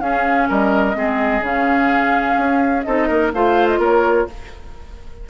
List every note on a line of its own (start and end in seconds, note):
0.00 0.48 C#4
0.00 0.95 C#4
0.00 0.49 G#4
0.00 0.47 F5
0.49 0.95 G3
0.49 0.96 A#4
0.49 1.45 D#5
0.95 1.40 G#3
0.95 1.42 C4
0.95 2.86 G#4
1.40 2.35 C#3
1.40 2.84 C#4
1.40 2.83 F5
2.37 2.85 C#4
2.83 3.09 C4
2.83 3.33 D#4
2.83 3.08 A4
2.83 3.30 D#5
3.08 3.32 A#3
3.08 3.31 A#4
3.33 3.78 A3
3.33 4.28 F4
3.33 3.79 C5
3.33 3.67 F5
3.67 3.79 D#5
3.78 4.25 A#3
3.78 4.27 A#4
3.78 4.29 C#5